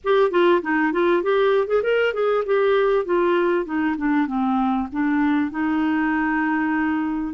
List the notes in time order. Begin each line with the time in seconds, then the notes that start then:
0.04 G4
0.31 F4
0.62 D#4
0.92 F4
1.22 G4
1.67 G#4
1.83 A#4
2.13 G#4
2.45 G4
3.05 F4
3.65 D#4
3.97 D4
4.27 C4
4.92 D4
5.50 D#4